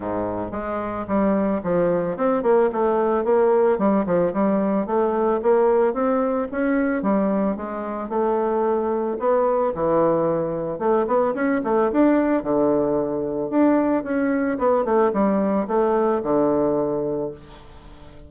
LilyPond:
\new Staff \with { instrumentName = "bassoon" } { \time 4/4 \tempo 4 = 111 gis,4 gis4 g4 f4 | c'8 ais8 a4 ais4 g8 f8 | g4 a4 ais4 c'4 | cis'4 g4 gis4 a4~ |
a4 b4 e2 | a8 b8 cis'8 a8 d'4 d4~ | d4 d'4 cis'4 b8 a8 | g4 a4 d2 | }